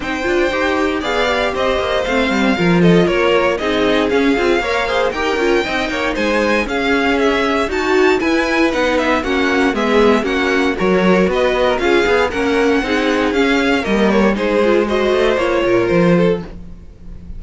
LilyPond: <<
  \new Staff \with { instrumentName = "violin" } { \time 4/4 \tempo 4 = 117 g''2 f''4 dis''4 | f''4. dis''8 cis''4 dis''4 | f''2 g''2 | gis''4 f''4 e''4 a''4 |
gis''4 fis''8 e''8 fis''4 e''4 | fis''4 cis''4 dis''4 f''4 | fis''2 f''4 dis''8 cis''8 | c''4 dis''4 cis''4 c''4 | }
  \new Staff \with { instrumentName = "violin" } { \time 4/4 c''2 d''4 c''4~ | c''4 ais'8 a'8 ais'4 gis'4~ | gis'4 cis''8 c''8 ais'4 dis''8 cis''8 | c''4 gis'2 fis'4 |
b'2 fis'4 gis'4 | fis'4 ais'4 b'8. ais'16 gis'4 | ais'4 gis'2 ais'4 | gis'4 c''4. ais'4 a'8 | }
  \new Staff \with { instrumentName = "viola" } { \time 4/4 dis'8 f'8 g'4 gis'8 g'4. | c'4 f'2 dis'4 | cis'8 f'8 ais'8 gis'8 g'8 f'8 dis'4~ | dis'4 cis'2 fis'4 |
e'4 dis'4 cis'4 b4 | cis'4 fis'2 f'8 gis'8 | cis'4 dis'4 cis'4 ais4 | dis'8 f'8 fis'4 f'2 | }
  \new Staff \with { instrumentName = "cello" } { \time 4/4 c'8 d'8 dis'4 b4 c'8 ais8 | a8 g8 f4 ais4 c'4 | cis'8 c'8 ais4 dis'8 cis'8 c'8 ais8 | gis4 cis'2 dis'4 |
e'4 b4 ais4 gis4 | ais4 fis4 b4 cis'8 b8 | ais4 c'4 cis'4 g4 | gis4. a8 ais8 ais,8 f4 | }
>>